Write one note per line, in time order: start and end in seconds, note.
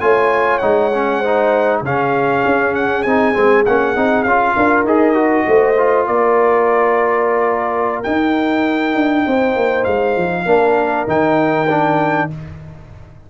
0.00 0.61 A3
0.00 0.61 F4
0.00 1.19 C#5
0.00 0.58 G#5
0.58 1.81 G#3
0.58 0.91 D#4
0.58 1.79 F#5
0.94 1.24 C#4
1.19 1.85 D#4
1.19 1.80 C5
1.81 2.42 C#3
1.81 3.06 C#4
1.81 4.55 G#4
1.81 2.75 F5
2.45 3.05 C#4
2.75 3.02 F#5
3.02 3.35 C4
3.02 3.34 D#4
3.02 3.63 G#5
3.34 3.66 G#3
3.34 3.64 C4
3.65 3.96 A#3
3.65 3.95 C#4
3.65 4.23 F#5
3.95 4.25 C4
3.95 4.25 D#4
4.23 4.55 C#4
4.23 4.87 F4
4.23 4.83 F5
4.55 4.83 D4
4.55 5.46 A#4
4.83 5.44 D#4
4.83 5.14 G#4
4.83 6.06 D#5
5.14 5.75 F#4
5.47 6.07 A3
5.47 6.08 C5
5.78 8.04 F4
6.06 8.04 A#3
6.06 9.27 A#4
6.06 8.03 D5
8.03 10.46 D#4
8.03 8.95 D#4
8.03 9.84 G5
8.95 9.25 D4
9.26 9.56 C4
9.26 10.46 C5
9.56 9.86 A#3
9.84 10.16 G#3
9.84 11.05 F5
10.16 10.45 F3
10.45 11.06 A#3
10.45 11.07 D4
10.45 12.28 A#4
11.07 12.28 D#3
11.07 11.67 D#4
11.07 12.30 G5
11.69 12.30 D4